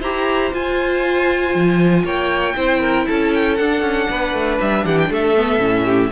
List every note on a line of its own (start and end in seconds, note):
0.00 0.52 E4
0.00 0.51 G4
0.00 2.03 C5
0.00 0.53 A#5
0.51 2.55 F4
0.51 1.55 F4
0.51 2.07 G#5
1.55 2.04 F3
2.04 2.55 A#3
2.04 2.55 C#5
2.04 3.07 G5
2.56 3.07 C4
2.56 3.58 E4
2.56 2.80 C5
2.80 3.06 A#4
3.07 3.59 C#4
3.07 4.09 A4
3.07 3.33 A5
3.34 3.56 G5
3.56 3.81 D4
3.56 5.36 D4
3.56 4.58 F#5
3.81 4.06 C#4
4.10 4.33 B3
4.10 4.85 B4
4.33 4.59 A3
4.60 4.85 G3
4.60 4.85 E5
4.85 5.09 E3
4.85 5.10 G4
4.85 4.98 F#5
4.99 5.12 G5
5.09 5.59 A3
5.09 5.85 A4
5.09 6.12 E5
5.36 5.59 B3
5.59 6.10 A2
5.59 6.09 C#4
5.85 6.11 G4